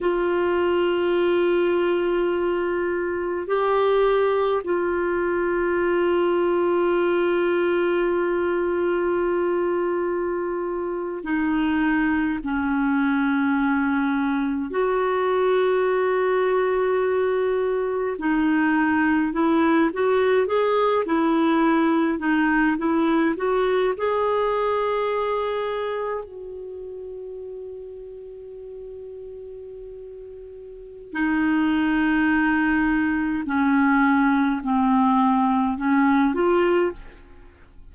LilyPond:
\new Staff \with { instrumentName = "clarinet" } { \time 4/4 \tempo 4 = 52 f'2. g'4 | f'1~ | f'4.~ f'16 dis'4 cis'4~ cis'16~ | cis'8. fis'2. dis'16~ |
dis'8. e'8 fis'8 gis'8 e'4 dis'8 e'16~ | e'16 fis'8 gis'2 fis'4~ fis'16~ | fis'2. dis'4~ | dis'4 cis'4 c'4 cis'8 f'8 | }